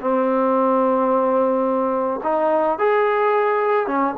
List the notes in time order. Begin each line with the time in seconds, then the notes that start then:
0.00 C4
2.23 D#4
2.78 G#4
3.87 C#4